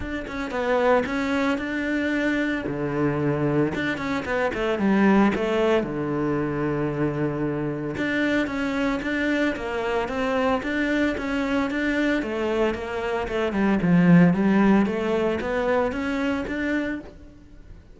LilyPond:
\new Staff \with { instrumentName = "cello" } { \time 4/4 \tempo 4 = 113 d'8 cis'8 b4 cis'4 d'4~ | d'4 d2 d'8 cis'8 | b8 a8 g4 a4 d4~ | d2. d'4 |
cis'4 d'4 ais4 c'4 | d'4 cis'4 d'4 a4 | ais4 a8 g8 f4 g4 | a4 b4 cis'4 d'4 | }